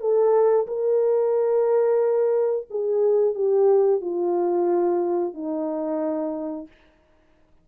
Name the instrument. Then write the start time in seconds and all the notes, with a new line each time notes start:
horn
0.00 A4
0.67 A#4
2.70 G#4
3.35 G4
4.01 F4
5.34 D#4